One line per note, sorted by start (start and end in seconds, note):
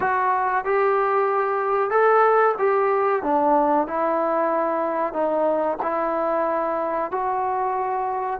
0.00 0.65 F#4
0.65 1.90 G4
1.90 2.55 A4
2.58 3.23 G4
3.23 3.87 D4
3.87 5.13 E4
5.13 5.77 D#4
5.82 7.11 E4
7.11 8.40 F#4